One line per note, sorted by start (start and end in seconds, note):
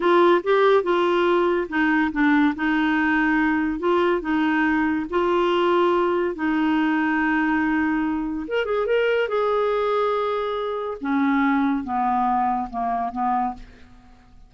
0.00 0.41 F4
0.43 0.83 G4
0.83 1.67 F4
1.69 2.11 D#4
2.12 2.54 D4
2.55 3.79 D#4
3.79 4.21 F4
4.21 5.06 D#4
5.10 6.35 F4
6.35 8.46 D#4
8.47 8.65 A#4
8.65 8.86 G#4
8.86 9.28 A#4
9.28 10.97 G#4
11.00 11.83 C#4
11.83 12.68 B3
12.70 13.12 A#3
13.12 13.54 B3